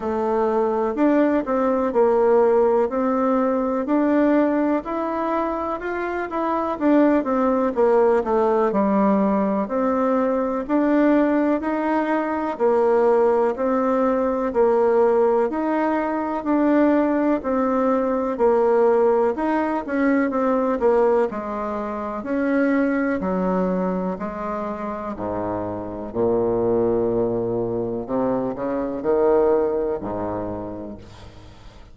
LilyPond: \new Staff \with { instrumentName = "bassoon" } { \time 4/4 \tempo 4 = 62 a4 d'8 c'8 ais4 c'4 | d'4 e'4 f'8 e'8 d'8 c'8 | ais8 a8 g4 c'4 d'4 | dis'4 ais4 c'4 ais4 |
dis'4 d'4 c'4 ais4 | dis'8 cis'8 c'8 ais8 gis4 cis'4 | fis4 gis4 gis,4 ais,4~ | ais,4 c8 cis8 dis4 gis,4 | }